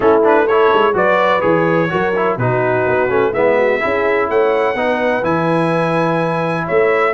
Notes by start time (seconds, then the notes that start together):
0.00 A3 C#4 E4 A4
0.23 D4 B4
0.44 A4 C#5
0.50 E4
0.73 G#3
0.93 F#3 F#4 B4 D5
1.40 E3 G#4 C#5
1.89 F#3 F#4 A#4
2.15 E4
2.37 B2 D#4 F#4 B4
2.86 B3
3.08 A3 C#4
3.31 G#3 B3 E4 E5
3.56 F#4
3.80 C#4 E4 G#4
4.29 A3 C#5 F#5
4.74 B3 D#4 B4
5.22 E3 E4 G#5
6.65 A3 C#5 E5